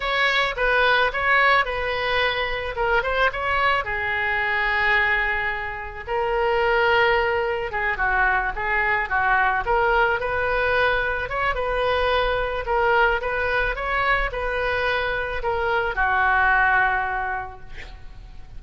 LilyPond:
\new Staff \with { instrumentName = "oboe" } { \time 4/4 \tempo 4 = 109 cis''4 b'4 cis''4 b'4~ | b'4 ais'8 c''8 cis''4 gis'4~ | gis'2. ais'4~ | ais'2 gis'8 fis'4 gis'8~ |
gis'8 fis'4 ais'4 b'4.~ | b'8 cis''8 b'2 ais'4 | b'4 cis''4 b'2 | ais'4 fis'2. | }